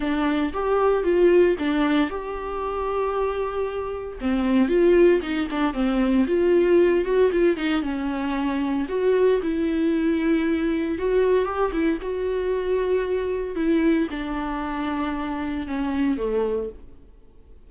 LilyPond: \new Staff \with { instrumentName = "viola" } { \time 4/4 \tempo 4 = 115 d'4 g'4 f'4 d'4 | g'1 | c'4 f'4 dis'8 d'8 c'4 | f'4. fis'8 f'8 dis'8 cis'4~ |
cis'4 fis'4 e'2~ | e'4 fis'4 g'8 e'8 fis'4~ | fis'2 e'4 d'4~ | d'2 cis'4 a4 | }